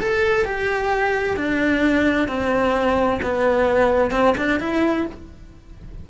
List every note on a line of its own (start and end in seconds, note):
0.00 0.45 A4
0.45 1.37 G4
1.37 2.28 D4
2.28 3.20 C4
3.23 4.11 B3
4.11 4.34 C4
4.38 4.60 D4
4.60 5.06 E4